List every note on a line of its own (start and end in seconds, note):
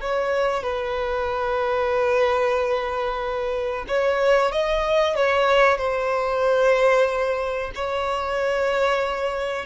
0.00 0.63 C#5
0.63 3.85 B4
3.88 4.52 C#5
4.52 5.16 D#5
5.16 5.77 C#5
5.77 7.71 C5
7.75 9.65 C#5